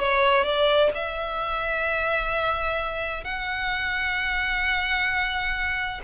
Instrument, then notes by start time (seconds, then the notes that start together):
violin
0.00 C#5
0.45 D5
0.95 E5
3.25 F#5